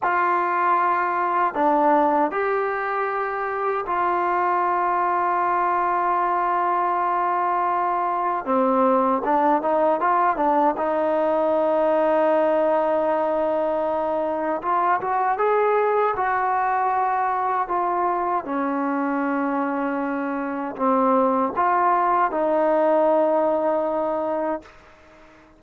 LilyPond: \new Staff \with { instrumentName = "trombone" } { \time 4/4 \tempo 4 = 78 f'2 d'4 g'4~ | g'4 f'2.~ | f'2. c'4 | d'8 dis'8 f'8 d'8 dis'2~ |
dis'2. f'8 fis'8 | gis'4 fis'2 f'4 | cis'2. c'4 | f'4 dis'2. | }